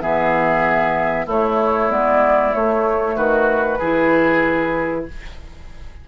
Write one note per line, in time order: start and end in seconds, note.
0.00 1.26 E3
0.00 1.26 B3
0.00 1.26 G#4
0.00 1.27 E5
1.26 1.89 A3
1.26 3.15 E4
1.26 1.91 C#5
1.89 2.52 G#3
1.89 2.52 B3
1.89 2.54 D5
2.52 3.79 A3
2.52 3.16 A3
2.52 3.16 C#5
3.16 3.80 D#3
3.16 3.78 F#4
3.16 5.06 B4
3.78 5.07 E3
3.78 5.08 E4
3.78 5.05 G#4